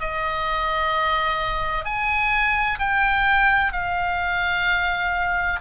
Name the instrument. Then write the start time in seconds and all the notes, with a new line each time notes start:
oboe
0.00 D#5
1.85 G#5
2.79 G5
3.72 F5